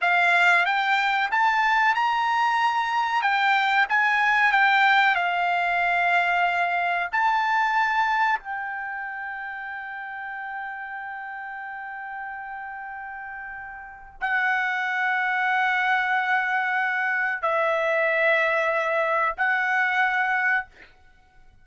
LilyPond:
\new Staff \with { instrumentName = "trumpet" } { \time 4/4 \tempo 4 = 93 f''4 g''4 a''4 ais''4~ | ais''4 g''4 gis''4 g''4 | f''2. a''4~ | a''4 g''2.~ |
g''1~ | g''2 fis''2~ | fis''2. e''4~ | e''2 fis''2 | }